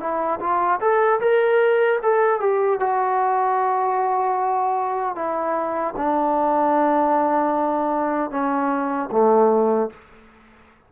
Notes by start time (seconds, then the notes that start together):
0.00 E4
0.40 F4
0.80 A4
1.20 A#4
2.03 A4
2.40 G4
2.80 F#4
5.15 E4
5.97 D4
8.30 C#4
9.11 A3